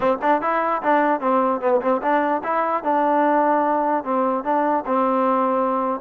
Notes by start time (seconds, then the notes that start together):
0.00 C4
0.21 D4
0.41 E4
0.82 D4
1.20 C4
1.60 B3
1.81 C4
2.01 D4
2.43 E4
2.83 D4
4.04 C4
4.43 D4
4.86 C4